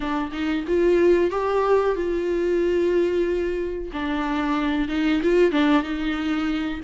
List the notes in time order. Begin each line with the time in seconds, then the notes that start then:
0.00 D4
0.32 D#4
0.67 F4
1.30 G4
1.95 F4
3.92 D4
4.88 D#4
5.22 F4
5.51 D4
5.82 D#4